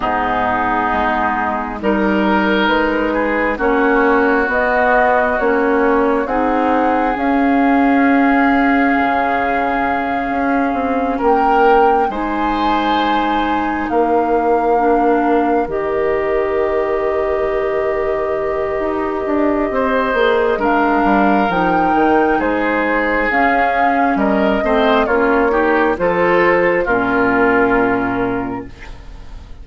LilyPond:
<<
  \new Staff \with { instrumentName = "flute" } { \time 4/4 \tempo 4 = 67 gis'2 ais'4 b'4 | cis''4 dis''4 cis''4 fis''4 | f''1~ | f''8 g''4 gis''2 f''8~ |
f''4. dis''2~ dis''8~ | dis''2. f''4 | g''4 c''4 f''4 dis''4 | cis''4 c''4 ais'2 | }
  \new Staff \with { instrumentName = "oboe" } { \time 4/4 dis'2 ais'4. gis'8 | fis'2. gis'4~ | gis'1~ | gis'8 ais'4 c''2 ais'8~ |
ais'1~ | ais'2 c''4 ais'4~ | ais'4 gis'2 ais'8 c''8 | f'8 g'8 a'4 f'2 | }
  \new Staff \with { instrumentName = "clarinet" } { \time 4/4 b2 dis'2 | cis'4 b4 cis'4 dis'4 | cis'1~ | cis'4. dis'2~ dis'8~ |
dis'8 d'4 g'2~ g'8~ | g'2~ g'8 gis'8 d'4 | dis'2 cis'4. c'8 | cis'8 dis'8 f'4 cis'2 | }
  \new Staff \with { instrumentName = "bassoon" } { \time 4/4 gis,4 gis4 g4 gis4 | ais4 b4 ais4 c'4 | cis'2 cis4. cis'8 | c'8 ais4 gis2 ais8~ |
ais4. dis2~ dis8~ | dis4 dis'8 d'8 c'8 ais8 gis8 g8 | f8 dis8 gis4 cis'4 g8 a8 | ais4 f4 ais,2 | }
>>